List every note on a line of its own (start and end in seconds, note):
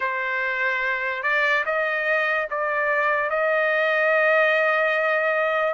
0.00 1.23 C5
1.23 1.64 D5
1.65 2.47 D#5
2.50 3.30 D5
3.30 5.73 D#5